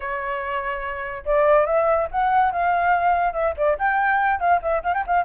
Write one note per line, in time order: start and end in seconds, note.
0.00 1.23 C#5
1.25 1.66 D5
1.66 2.08 E5
2.11 2.52 F#5
2.52 3.33 F5
3.33 3.54 E5
3.56 3.77 D5
3.78 4.39 G5
4.39 4.60 F5
4.62 4.83 E5
4.83 4.93 F5
4.93 5.04 G5
5.07 5.24 F5